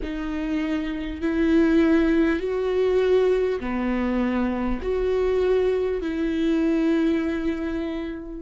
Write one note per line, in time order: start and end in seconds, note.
0.02 1.21 D#4
1.21 2.39 E4
2.39 3.59 F#4
3.59 4.79 B3
4.82 6.01 F#4
6.01 8.41 E4